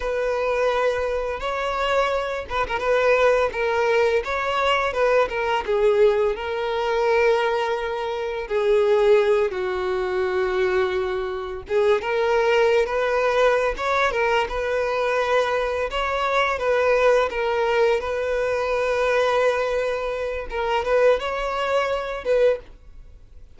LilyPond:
\new Staff \with { instrumentName = "violin" } { \time 4/4 \tempo 4 = 85 b'2 cis''4. b'16 ais'16 | b'4 ais'4 cis''4 b'8 ais'8 | gis'4 ais'2. | gis'4. fis'2~ fis'8~ |
fis'8 gis'8 ais'4~ ais'16 b'4~ b'16 cis''8 | ais'8 b'2 cis''4 b'8~ | b'8 ais'4 b'2~ b'8~ | b'4 ais'8 b'8 cis''4. b'8 | }